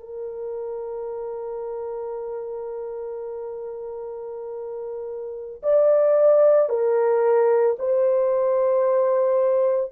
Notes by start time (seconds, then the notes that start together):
0.00 A#4
5.63 D5
6.70 A#4
7.79 C5